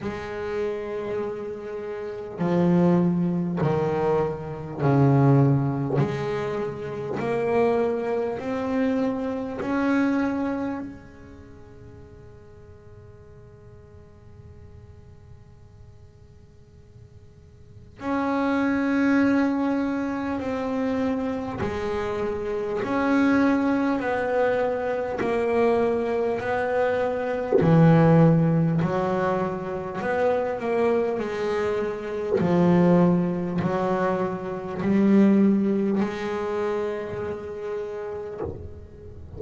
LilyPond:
\new Staff \with { instrumentName = "double bass" } { \time 4/4 \tempo 4 = 50 gis2 f4 dis4 | cis4 gis4 ais4 c'4 | cis'4 gis2.~ | gis2. cis'4~ |
cis'4 c'4 gis4 cis'4 | b4 ais4 b4 e4 | fis4 b8 ais8 gis4 f4 | fis4 g4 gis2 | }